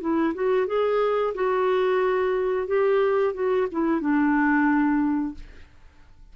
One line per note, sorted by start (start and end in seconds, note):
0.00 0.33 E4
0.34 0.67 F#4
0.67 1.33 G#4
1.34 2.67 F#4
2.67 3.33 G4
3.33 3.67 F#4
3.71 4.01 E4
4.01 5.34 D4